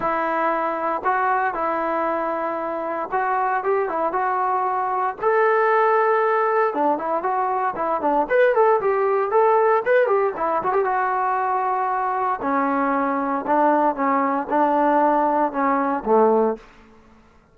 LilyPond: \new Staff \with { instrumentName = "trombone" } { \time 4/4 \tempo 4 = 116 e'2 fis'4 e'4~ | e'2 fis'4 g'8 e'8 | fis'2 a'2~ | a'4 d'8 e'8 fis'4 e'8 d'8 |
b'8 a'8 g'4 a'4 b'8 g'8 | e'8 fis'16 g'16 fis'2. | cis'2 d'4 cis'4 | d'2 cis'4 a4 | }